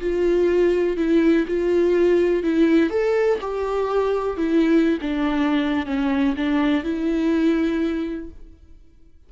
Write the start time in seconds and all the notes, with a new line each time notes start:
0.00 F4
0.96 E4
1.47 F4
2.43 E4
2.90 A4
3.40 G4
4.37 E4
5.01 D4
5.86 C#4
6.36 D4
6.83 E4